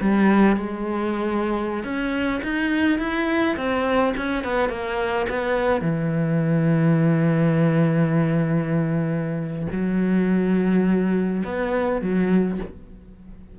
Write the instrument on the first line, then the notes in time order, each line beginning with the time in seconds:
cello
0.00 G3
0.56 G#3
1.84 C#4
2.43 D#4
2.98 E4
3.56 C4
4.16 C#4
4.44 B3
4.69 A#3
5.29 B3
5.81 E3
9.71 F#3
11.44 B3
12.01 F#3